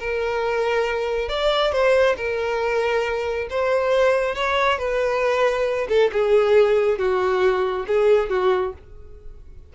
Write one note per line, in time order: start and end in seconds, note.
0.00 1.29 A#4
1.29 1.72 D5
1.72 2.16 C5
2.17 3.48 A#4
3.50 4.36 C5
4.36 4.79 C#5
4.79 5.88 B4
5.89 6.11 A4
6.13 6.99 G#4
6.99 7.86 F#4
7.87 8.30 G#4
8.30 8.74 F#4